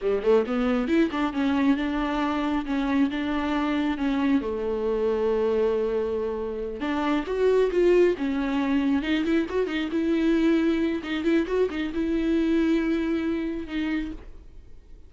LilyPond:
\new Staff \with { instrumentName = "viola" } { \time 4/4 \tempo 4 = 136 g8 a8 b4 e'8 d'8 cis'4 | d'2 cis'4 d'4~ | d'4 cis'4 a2~ | a2.~ a8 d'8~ |
d'8 fis'4 f'4 cis'4.~ | cis'8 dis'8 e'8 fis'8 dis'8 e'4.~ | e'4 dis'8 e'8 fis'8 dis'8 e'4~ | e'2. dis'4 | }